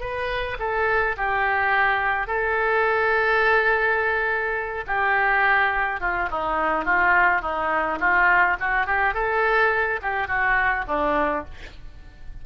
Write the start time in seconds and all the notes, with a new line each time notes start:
0.00 B4
0.59 A4
1.17 G4
2.27 A4
4.86 G4
6.00 F4
6.31 D#4
6.85 F4
7.41 D#4
7.99 F4
8.60 F#4
8.86 G4
9.14 A4
10.02 G4
10.28 F#4
10.87 D4